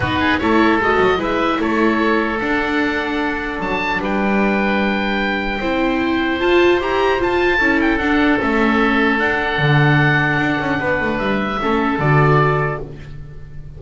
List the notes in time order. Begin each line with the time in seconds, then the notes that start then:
0.00 B3 D#4 F#4 B4
0.19 G#4
0.39 A3 E4 A4 C#5
0.78 G#3 F#4 D#5
1.00 F#3
1.17 G#3 E4 B4 E5
1.59 A3 A4 C#5
2.39 D4 F#5
3.59 F#3 A5
3.98 G3 B4 G5
5.59 C4 E4 C5
6.40 F4 A5
6.79 E4 G4 A#5
7.19 F4 A5
7.57 C#4 E4 A4
7.81 G5
7.98 D4 F#5
8.39 A3 C#4 E5
9.18 D4 F#5
9.58 D3
10.38 D4
10.59 C#4
10.79 B3 B4
11.00 A3
11.18 G3 E5
11.61 A3 C#4 A4
11.98 D3 F#4 D5